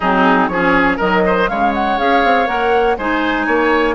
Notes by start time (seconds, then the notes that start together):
0.00 F#3 C4 D#4 G#4
0.48 F3 C#4 G#4 C#5
0.97 D#3 F#3 A#4 D#5
1.26 C5
1.48 C#3 G#3 C#5 F5
1.73 F#5
1.97 C#4 G#4 F5
2.24 C4
2.46 A#3 A#4 F#5
2.97 G#3 D#4 C5 G#5
3.46 A#3 C#5